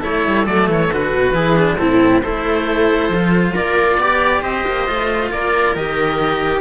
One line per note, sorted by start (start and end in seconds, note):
0.00 0.28 A3
0.00 0.46 E4
0.00 1.32 A4
0.00 0.47 C#5
0.28 0.47 G3
0.46 0.68 F#3
0.46 0.91 A3
0.46 0.69 D5
0.68 0.91 E3
0.68 0.94 C#5
0.92 1.14 D3
0.92 1.35 F#4
0.92 1.77 B4
1.14 1.32 B2
1.32 1.76 E3
1.32 1.56 E4
1.32 1.79 G#4
1.56 1.78 D4
1.77 2.25 A2
1.77 2.23 C4
1.77 2.23 E4
1.77 2.21 A4
2.23 3.09 A3
2.23 3.13 E4
2.23 3.54 A4
2.23 3.55 C5
3.09 3.54 F3
3.09 4.01 F4
3.54 3.98 A#3
3.54 3.99 A#4
3.54 4.43 D5
3.98 4.42 B3
3.98 4.87 G4
3.98 4.42 D5
4.42 4.65 C4
4.42 5.30 C5
4.42 5.31 D#5
4.67 4.89 A#3
4.87 5.32 A3
4.87 5.76 F4
5.31 5.76 A#3
5.31 6.62 A#4
5.31 5.76 D5
5.76 6.62 D#3
5.76 6.62 G4
5.76 6.62 D#5